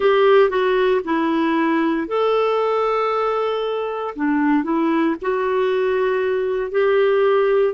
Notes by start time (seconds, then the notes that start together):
0.00 G4
0.49 F#4
1.04 E4
2.07 A4
4.15 D4
4.63 E4
5.21 F#4
6.71 G4